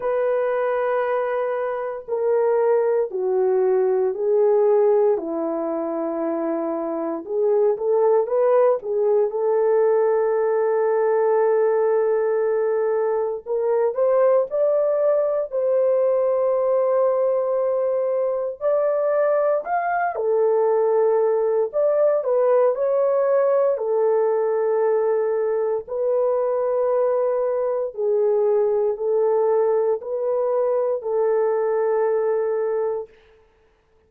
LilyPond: \new Staff \with { instrumentName = "horn" } { \time 4/4 \tempo 4 = 58 b'2 ais'4 fis'4 | gis'4 e'2 gis'8 a'8 | b'8 gis'8 a'2.~ | a'4 ais'8 c''8 d''4 c''4~ |
c''2 d''4 f''8 a'8~ | a'4 d''8 b'8 cis''4 a'4~ | a'4 b'2 gis'4 | a'4 b'4 a'2 | }